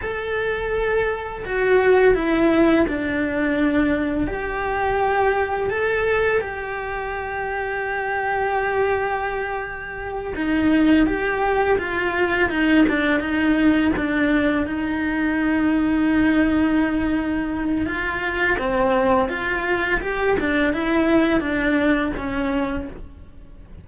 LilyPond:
\new Staff \with { instrumentName = "cello" } { \time 4/4 \tempo 4 = 84 a'2 fis'4 e'4 | d'2 g'2 | a'4 g'2.~ | g'2~ g'8 dis'4 g'8~ |
g'8 f'4 dis'8 d'8 dis'4 d'8~ | d'8 dis'2.~ dis'8~ | dis'4 f'4 c'4 f'4 | g'8 d'8 e'4 d'4 cis'4 | }